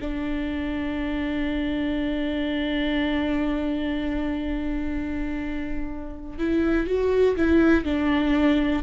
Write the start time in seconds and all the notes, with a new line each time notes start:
0.00 D4
6.38 E4
6.86 F#4
7.36 E4
7.84 D4